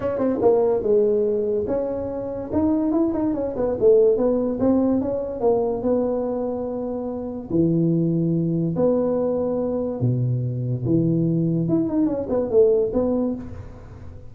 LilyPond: \new Staff \with { instrumentName = "tuba" } { \time 4/4 \tempo 4 = 144 cis'8 c'8 ais4 gis2 | cis'2 dis'4 e'8 dis'8 | cis'8 b8 a4 b4 c'4 | cis'4 ais4 b2~ |
b2 e2~ | e4 b2. | b,2 e2 | e'8 dis'8 cis'8 b8 a4 b4 | }